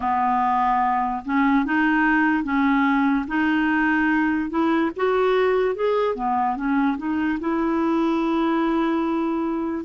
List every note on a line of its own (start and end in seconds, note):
0.00 1.23 B3
1.25 1.65 C#4
1.65 2.43 D#4
2.43 3.25 C#4
3.27 4.49 D#4
4.49 4.91 E4
4.96 5.75 F#4
5.75 6.15 G#4
6.15 6.56 B3
6.56 6.97 C#4
6.97 7.38 D#4
7.40 9.84 E4